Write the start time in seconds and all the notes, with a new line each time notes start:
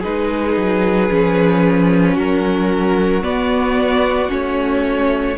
0.00 G#3 D#4 G#4 B4
0.57 F#3
1.10 F3 C#4
2.13 F#3 F#4 A#4
3.23 B3 D5
4.29 A3 C#4 C#5